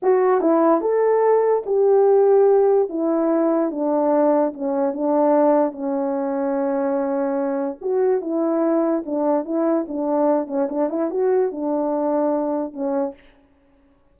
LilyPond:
\new Staff \with { instrumentName = "horn" } { \time 4/4 \tempo 4 = 146 fis'4 e'4 a'2 | g'2. e'4~ | e'4 d'2 cis'4 | d'2 cis'2~ |
cis'2. fis'4 | e'2 d'4 e'4 | d'4. cis'8 d'8 e'8 fis'4 | d'2. cis'4 | }